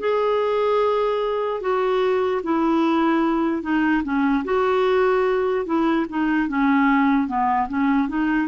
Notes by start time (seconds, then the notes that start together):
0.00 G#4
1.61 F#4
2.44 E4
3.63 D#4
4.04 C#4
4.45 F#4
5.66 E4
6.10 D#4
6.49 C#4
7.28 B3
7.69 C#4
8.09 D#4